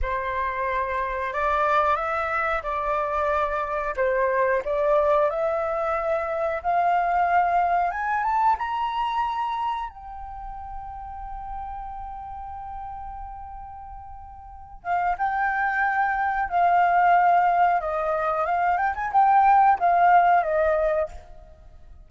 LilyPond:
\new Staff \with { instrumentName = "flute" } { \time 4/4 \tempo 4 = 91 c''2 d''4 e''4 | d''2 c''4 d''4 | e''2 f''2 | gis''8 a''8 ais''2 g''4~ |
g''1~ | g''2~ g''8 f''8 g''4~ | g''4 f''2 dis''4 | f''8 g''16 gis''16 g''4 f''4 dis''4 | }